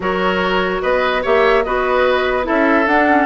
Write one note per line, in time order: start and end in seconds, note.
0.00 0.81 F#3
0.00 1.23 F#4
0.00 0.81 A#4
0.00 0.82 C#5
0.81 1.24 B3
0.81 1.22 B4
0.81 1.23 D#5
1.22 1.66 A#3
1.22 1.64 G4
1.22 1.63 C#5
1.22 1.63 E5
1.63 2.48 B3
1.63 2.43 F#4
1.63 2.46 B4
1.63 2.45 D#5
2.43 2.87 C#4
2.43 2.84 E4
2.43 3.26 A4
2.43 2.87 E5
2.87 3.26 D4
2.87 3.10 D4
2.87 3.26 F#5
3.10 3.26 C#4